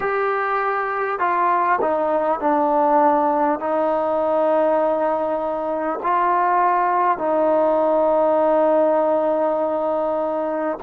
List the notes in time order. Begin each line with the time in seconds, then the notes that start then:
0.00 G4
1.19 F4
1.81 D#4
2.39 D4
3.59 D#4
6.02 F4
7.18 D#4